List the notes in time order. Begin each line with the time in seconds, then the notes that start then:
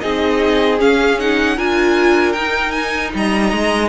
0.00 C4 D#4 G#4 D#5
0.79 C#4 F5
1.19 D#4 F#5
1.57 D4 F4 A#4 G#5
2.33 D#4 G5
2.71 G#5
3.15 G3 D#5 A#5
3.53 G#3